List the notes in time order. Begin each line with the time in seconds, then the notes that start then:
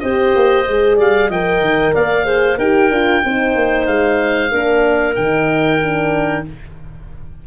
0.00 C4 G4 C5 D#5
0.36 A#3
0.67 G#3 G#4
0.96 G3 D5 F5
1.29 F3 A#4 D#5 G5
1.60 D#3
1.94 A#3 D5 F5
2.24 G#4 C5
2.58 D#4 G4 A#4 G5
2.90 D4 F4
3.25 C4 D#4 C5
3.55 A#3
3.87 G#3 F5
4.51 A#3 D4 A#4
5.16 D#3 D#4 G5
5.83 D4